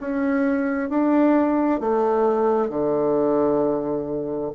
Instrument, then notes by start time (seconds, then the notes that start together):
bassoon
0.00 C#4
0.89 D4
1.80 A3
2.69 D3